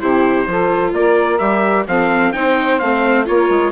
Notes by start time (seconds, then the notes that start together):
0.00 C3 E4 G4 C5
0.47 F3 F4 A4
0.92 A#3 A#4 D5
1.38 G3 G4 E5
1.87 F3 C4 A4 F5
2.32 C4 D#4 C5 G5
2.79 A3 C4 F5
3.25 A#3 F4 A#4 C#5
3.49 G#3